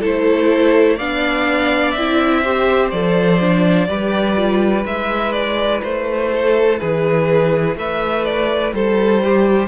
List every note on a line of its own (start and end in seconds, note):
0.00 1.00 A3
0.00 0.99 E4
0.00 0.96 A4
0.00 0.98 C5
0.96 1.96 B3
0.96 1.97 D4
0.96 2.41 D5
0.96 1.92 F5
1.92 2.93 C4
1.92 2.89 E5
1.99 2.45 E4
2.42 2.93 G4
2.42 3.87 C5
2.91 3.89 F3
2.91 3.41 A4
2.91 4.85 D5
3.41 3.90 D4
3.89 4.85 G3
3.89 4.37 G4
3.89 6.30 B4
4.37 4.85 F4
4.85 5.82 G#3
4.85 9.69 E4
4.85 5.33 E5
5.33 5.81 D5
5.83 6.81 A3
5.83 6.80 C5
6.32 6.81 A4
6.80 7.76 E3
6.80 7.78 G#4
6.80 7.76 B4
7.76 8.73 A3
7.76 8.75 B4
7.76 8.25 E5
8.25 8.74 D5
8.73 9.69 G3
8.73 9.23 A4
8.73 9.69 C5
9.25 9.69 G4